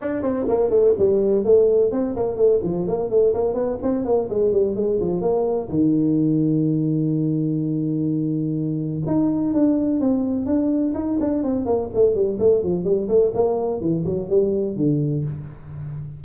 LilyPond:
\new Staff \with { instrumentName = "tuba" } { \time 4/4 \tempo 4 = 126 d'8 c'8 ais8 a8 g4 a4 | c'8 ais8 a8 f8 ais8 a8 ais8 b8 | c'8 ais8 gis8 g8 gis8 f8 ais4 | dis1~ |
dis2. dis'4 | d'4 c'4 d'4 dis'8 d'8 | c'8 ais8 a8 g8 a8 f8 g8 a8 | ais4 e8 fis8 g4 d4 | }